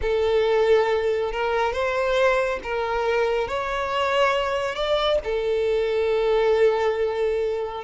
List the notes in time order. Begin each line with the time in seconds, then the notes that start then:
0.01 A4
1.32 A#4
1.72 C5
2.63 A#4
3.48 C#5
4.75 D5
5.24 A4